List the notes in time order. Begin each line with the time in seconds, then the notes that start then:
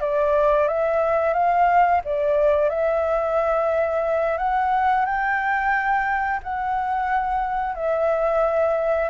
0.00 D5
0.67 E5
1.33 F5
2.04 D5
2.69 E5
4.37 F#5
5.05 G5
6.43 F#5
7.75 E5